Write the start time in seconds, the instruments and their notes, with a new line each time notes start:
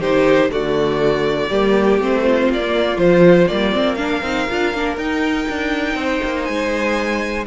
0.00 cello D#3, viola D#4, violin G4 C5
0.50 cello D3, viola A3, violin F#4 D5
1.49 cello G3, viola A#3, violin G4
1.98 cello A3, viola C4, violin C5
2.23 violin F4
2.49 cello A#3, violin D5
2.59 viola A#3
2.97 cello F3, viola F3, violin C5
3.47 cello G3, viola A#3, violin D5
3.72 cello A#3, viola C4
3.95 viola D4, violin A#4 F5
4.22 cello C4, viola D#4
4.49 cello D4, viola F4
4.73 cello A#3, viola D4
4.97 cello D#4, viola D#4, violin G5
5.48 cello D4
5.94 cello C4, violin C5
6.24 cello A#3
6.44 cello G#3, violin G#5